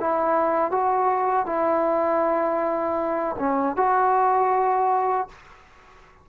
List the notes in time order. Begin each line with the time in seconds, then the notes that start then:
0.00 E4
0.71 F#4
1.46 E4
3.39 C#4
3.77 F#4